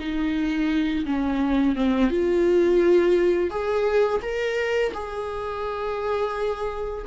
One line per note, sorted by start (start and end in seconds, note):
0.00 1.06 D#4
1.06 1.76 C#4
1.76 2.10 C4
2.10 3.51 F4
3.51 4.22 G#4
4.23 4.93 A#4
4.94 7.06 G#4